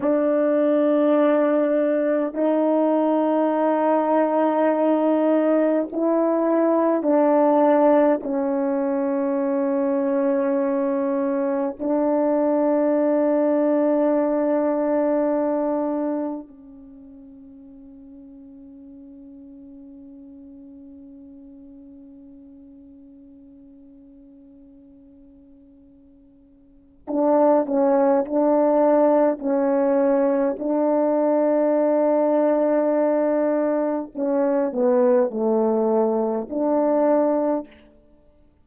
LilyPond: \new Staff \with { instrumentName = "horn" } { \time 4/4 \tempo 4 = 51 d'2 dis'2~ | dis'4 e'4 d'4 cis'4~ | cis'2 d'2~ | d'2 cis'2~ |
cis'1~ | cis'2. d'8 cis'8 | d'4 cis'4 d'2~ | d'4 cis'8 b8 a4 d'4 | }